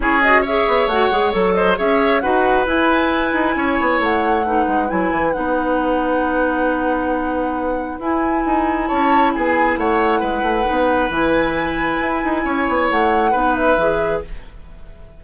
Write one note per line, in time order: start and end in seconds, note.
0.00 0.64 C#4
0.00 0.22 E4
0.00 0.41 G#4
0.00 0.22 C#5
0.22 0.46 F#4
0.22 0.44 D#5
0.41 0.91 G#4
0.41 1.52 C#5
0.41 0.88 E5
0.67 0.86 B3
0.86 1.09 A3
0.86 1.11 F#4
0.86 1.32 F#5
1.11 1.33 G#3
1.11 1.32 G#4
1.32 1.78 F#3
1.32 1.76 A4
1.32 1.53 C#5
1.53 1.77 C5
1.53 1.76 D#5
1.76 2.23 C#4
1.76 2.20 G#4
1.76 2.22 C#5
1.76 2.20 E5
2.20 2.66 D#4
2.20 2.66 F#4
2.20 3.55 B4
2.20 2.64 F#5
2.66 3.32 E4
2.66 4.44 E4
2.66 4.01 G#5
3.32 3.54 D#4
3.55 3.77 C#4
3.55 4.46 C#5
3.80 3.99 B3
3.99 4.66 A3
3.99 4.90 F#5
4.46 4.87 D#4
4.46 8.87 B4
4.67 4.89 G#3
4.87 5.11 F#3
4.87 5.32 E4
4.87 5.31 G#5
5.11 5.33 E3
5.31 7.99 B3
5.31 7.99 D#4
5.31 7.98 F#5
7.99 8.43 E4
7.99 10.64 E4
7.99 8.87 G#5
8.45 8.90 D#4
8.87 9.35 C#4
8.87 9.32 C#5
8.87 9.31 A5
9.32 9.77 B3
9.32 9.79 G#4
9.32 9.76 G#5
9.77 10.21 A3
9.77 10.19 C#5
9.77 11.11 F#5
10.19 10.42 G#3
10.19 12.41 B4
10.42 10.64 A3
10.64 11.09 B3
10.64 11.08 D#4
11.09 11.97 E3
11.09 13.32 E4
11.09 12.89 G#5
12.01 12.23 E4
12.24 12.44 D#4
12.44 12.67 C#4
12.44 13.31 C#5
12.68 12.90 B3
12.89 13.33 A3
12.89 13.55 F#5
13.31 13.77 B3
13.31 13.77 D#4
13.31 14.20 B4
13.55 14.22 E5
13.77 14.21 E3
13.77 14.23 G#4